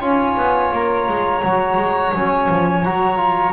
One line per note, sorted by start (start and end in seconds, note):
0.00 0.36 C#4
0.00 1.42 F4
0.00 3.53 C#5
0.00 0.73 G#5
0.36 0.72 B3
0.72 1.07 A#3
0.72 2.14 A#5
1.08 1.43 G#3
1.43 1.76 F#3
1.43 2.14 F#4
1.76 2.12 G#3
2.14 2.49 F#3
2.14 2.85 C#4
2.14 2.84 G#5
2.50 2.85 F3
2.84 3.53 F#3
2.84 3.17 F#4
2.84 3.53 A#5
3.17 3.52 F4